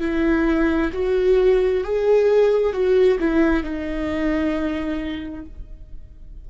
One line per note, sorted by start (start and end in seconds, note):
0.00 0.91 E4
0.93 1.83 F#4
1.83 2.73 G#4
2.73 3.18 F#4
3.19 3.63 E4
3.63 5.45 D#4